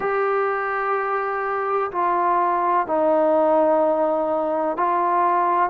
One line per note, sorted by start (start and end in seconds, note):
0.00 1.90 G4
1.91 2.87 F4
2.87 4.77 D#4
4.77 5.69 F4